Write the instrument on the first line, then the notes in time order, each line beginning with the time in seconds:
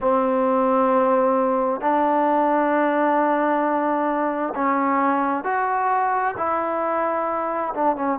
trombone
0.00 C4
1.81 D4
4.55 C#4
5.43 F#4
6.37 E4
7.74 D4
7.95 C#4